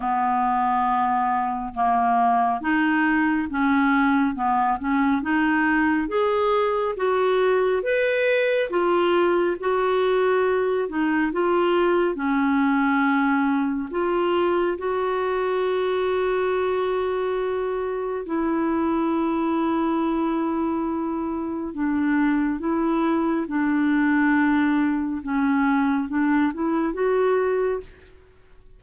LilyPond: \new Staff \with { instrumentName = "clarinet" } { \time 4/4 \tempo 4 = 69 b2 ais4 dis'4 | cis'4 b8 cis'8 dis'4 gis'4 | fis'4 b'4 f'4 fis'4~ | fis'8 dis'8 f'4 cis'2 |
f'4 fis'2.~ | fis'4 e'2.~ | e'4 d'4 e'4 d'4~ | d'4 cis'4 d'8 e'8 fis'4 | }